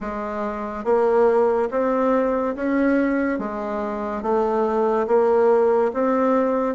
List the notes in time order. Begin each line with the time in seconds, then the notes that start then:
0.00 G#3
0.84 A#3
1.71 C4
2.55 C#4
3.38 G#3
4.22 A3
5.07 A#3
5.93 C4